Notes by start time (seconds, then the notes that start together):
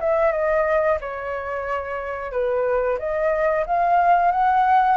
0.00 E5
0.32 D#5
1.00 C#5
2.32 B4
2.98 D#5
3.66 F5
4.31 F#5